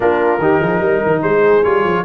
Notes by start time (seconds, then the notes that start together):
0.00 A#3 D4 F4 A#4
0.38 D#3 D#4 G4
0.59 F3 G#4
0.80 G3 A#4
1.05 D#3
1.22 G#3 G#4 C5
1.63 G3 F4 C#5
1.84 F3